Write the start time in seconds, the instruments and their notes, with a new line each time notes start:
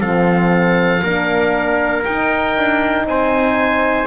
0.00 double bass F3, horn C4, trumpet A4, oboe F5
1.02 double bass A#3, horn D4, trumpet A#4
2.05 horn D#4, double bass D#4, oboe G5
2.57 double bass D4
3.06 double bass C4, trumpet C5, oboe G#5